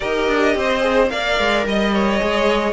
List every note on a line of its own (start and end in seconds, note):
0.00 0.28 D#4
0.00 0.80 G4
0.00 0.55 A#4
0.00 1.09 D#5
0.28 0.55 D4
0.55 1.10 C4
0.55 1.11 C5
0.80 1.08 G#4
1.09 1.38 A#3
1.09 2.19 A#4
1.09 1.66 D5
1.09 1.64 F5
1.38 1.65 G#3
1.65 2.20 G3
1.65 2.72 D#5
1.65 1.93 D#5
1.93 2.72 C#5
2.19 2.72 G#3
2.19 2.72 G#4